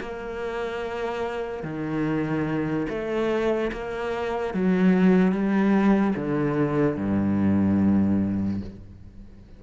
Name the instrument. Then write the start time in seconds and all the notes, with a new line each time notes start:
cello
0.00 A#3
1.64 D#3
2.89 A3
3.72 A#3
4.54 F#3
5.32 G3
6.16 D3
6.96 G2